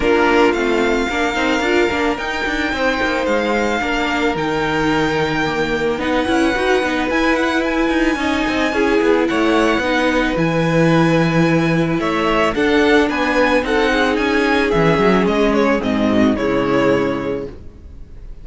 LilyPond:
<<
  \new Staff \with { instrumentName = "violin" } { \time 4/4 \tempo 4 = 110 ais'4 f''2. | g''2 f''2 | g''2. fis''4~ | fis''4 gis''8 fis''8 gis''2~ |
gis''4 fis''2 gis''4~ | gis''2 e''4 fis''4 | gis''4 fis''4 gis''4 e''4 | dis''8 cis''8 dis''4 cis''2 | }
  \new Staff \with { instrumentName = "violin" } { \time 4/4 f'2 ais'2~ | ais'4 c''2 ais'4~ | ais'2. b'4~ | b'2. dis''4 |
gis'4 cis''4 b'2~ | b'2 cis''4 a'4 | b'4 a'8 gis'2~ gis'8~ | gis'4. fis'8 e'2 | }
  \new Staff \with { instrumentName = "viola" } { \time 4/4 d'4 c'4 d'8 dis'8 f'8 d'8 | dis'2. d'4 | dis'2 ais4 dis'8 e'8 | fis'8 dis'8 e'2 dis'4 |
e'2 dis'4 e'4~ | e'2. d'4~ | d'4 dis'2 cis'4~ | cis'4 c'4 gis2 | }
  \new Staff \with { instrumentName = "cello" } { \time 4/4 ais4 a4 ais8 c'8 d'8 ais8 | dis'8 d'8 c'8 ais8 gis4 ais4 | dis2. b8 cis'8 | dis'8 b8 e'4. dis'8 cis'8 c'8 |
cis'8 b8 a4 b4 e4~ | e2 a4 d'4 | b4 c'4 cis'4 e8 fis8 | gis4 gis,4 cis2 | }
>>